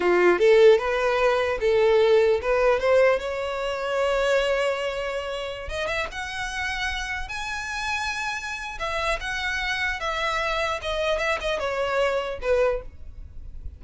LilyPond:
\new Staff \with { instrumentName = "violin" } { \time 4/4 \tempo 4 = 150 f'4 a'4 b'2 | a'2 b'4 c''4 | cis''1~ | cis''2~ cis''16 dis''8 e''8 fis''8.~ |
fis''2~ fis''16 gis''4.~ gis''16~ | gis''2 e''4 fis''4~ | fis''4 e''2 dis''4 | e''8 dis''8 cis''2 b'4 | }